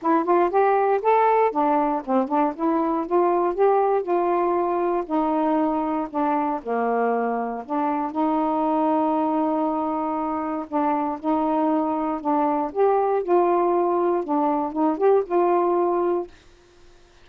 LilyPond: \new Staff \with { instrumentName = "saxophone" } { \time 4/4 \tempo 4 = 118 e'8 f'8 g'4 a'4 d'4 | c'8 d'8 e'4 f'4 g'4 | f'2 dis'2 | d'4 ais2 d'4 |
dis'1~ | dis'4 d'4 dis'2 | d'4 g'4 f'2 | d'4 dis'8 g'8 f'2 | }